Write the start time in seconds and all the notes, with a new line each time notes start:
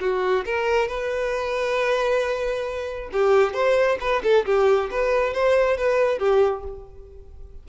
0.00 F#4
0.45 A#4
0.88 B4
3.12 G4
3.53 C5
4.00 B4
4.23 A4
4.45 G4
4.91 B4
5.34 C5
5.77 B4
6.19 G4